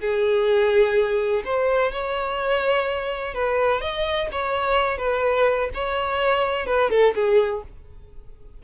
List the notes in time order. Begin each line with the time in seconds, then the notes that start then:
0.00 G#4
1.45 C5
1.92 C#5
3.34 B4
3.81 D#5
4.32 C#5
4.98 B4
5.74 C#5
6.66 B4
6.90 A4
7.15 G#4